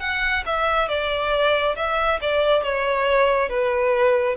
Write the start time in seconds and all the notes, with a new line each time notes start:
0.00 F#5
0.46 E5
0.88 D5
1.76 E5
2.21 D5
2.63 C#5
3.49 B4